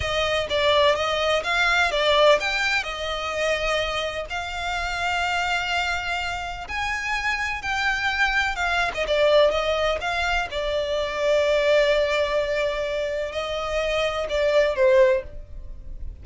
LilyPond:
\new Staff \with { instrumentName = "violin" } { \time 4/4 \tempo 4 = 126 dis''4 d''4 dis''4 f''4 | d''4 g''4 dis''2~ | dis''4 f''2.~ | f''2 gis''2 |
g''2 f''8. dis''16 d''4 | dis''4 f''4 d''2~ | d''1 | dis''2 d''4 c''4 | }